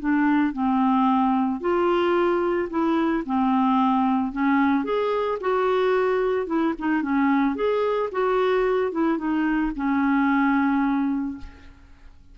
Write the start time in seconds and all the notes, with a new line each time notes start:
0.00 D4
0.53 C4
1.60 F4
2.70 E4
3.26 C4
4.32 C#4
4.84 G#4
5.41 F#4
6.47 E4
6.79 D#4
7.02 C#4
7.55 G#4
8.12 F#4
8.92 E4
9.18 D#4
9.76 C#4